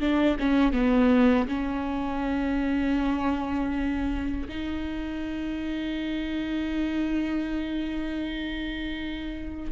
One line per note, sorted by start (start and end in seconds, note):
0.00 0.38 D4
0.40 0.73 C#4
0.73 1.48 B3
1.48 4.48 C#4
4.49 9.72 D#4